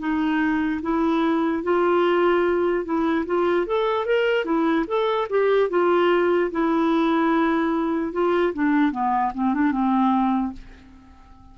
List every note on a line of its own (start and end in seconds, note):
0.00 0.81 D#4
0.82 1.63 E4
1.63 2.85 F4
2.85 3.25 E4
3.26 3.67 F4
3.67 4.06 A4
4.06 4.45 A#4
4.45 4.85 E4
4.88 5.28 A4
5.30 5.70 G4
5.70 6.51 F4
6.51 8.13 E4
8.13 8.53 F4
8.54 8.92 D4
8.92 9.32 B3
9.34 9.54 C4
9.54 9.72 D4
9.72 10.53 C4